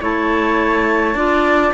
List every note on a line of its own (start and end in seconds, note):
0.00 1.15 A3
0.00 1.15 E4
0.00 1.15 C#5
0.00 1.73 A5
1.15 1.72 D4
1.15 1.73 F4
1.15 1.73 D5